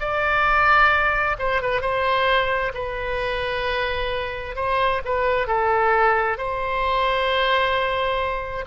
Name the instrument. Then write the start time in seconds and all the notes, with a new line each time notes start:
oboe
0.00 D5
1.38 C5
1.61 B4
1.81 C5
2.74 B4
4.55 C5
5.05 B4
5.47 A4
6.37 C5